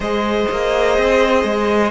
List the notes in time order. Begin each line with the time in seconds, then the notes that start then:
0.00 G#3 G#4 C5 D#5
0.51 A#3
0.98 C4
1.44 G#3